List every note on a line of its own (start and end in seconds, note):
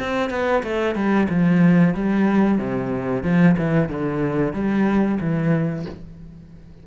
0.00 0.31 C4
0.31 0.63 B3
0.63 0.95 A3
0.95 1.28 G3
1.30 1.95 F3
1.95 2.59 G3
2.59 3.24 C3
3.24 3.56 F3
3.58 3.89 E3
3.89 4.54 D3
4.54 5.19 G3
5.21 5.86 E3